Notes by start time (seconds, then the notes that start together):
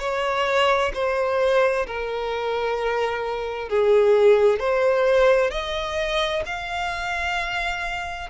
0.00 C#5
0.94 C5
1.87 A#4
3.69 G#4
4.60 C5
5.51 D#5
6.46 F5